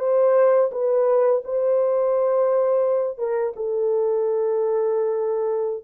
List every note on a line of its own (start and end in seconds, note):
0.00 0.71 C5
0.72 1.43 B4
1.45 3.18 C5
3.18 3.54 A#4
3.56 5.85 A4